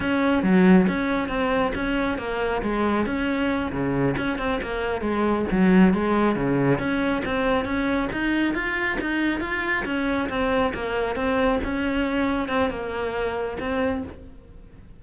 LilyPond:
\new Staff \with { instrumentName = "cello" } { \time 4/4 \tempo 4 = 137 cis'4 fis4 cis'4 c'4 | cis'4 ais4 gis4 cis'4~ | cis'8 cis4 cis'8 c'8 ais4 gis8~ | gis8 fis4 gis4 cis4 cis'8~ |
cis'8 c'4 cis'4 dis'4 f'8~ | f'8 dis'4 f'4 cis'4 c'8~ | c'8 ais4 c'4 cis'4.~ | cis'8 c'8 ais2 c'4 | }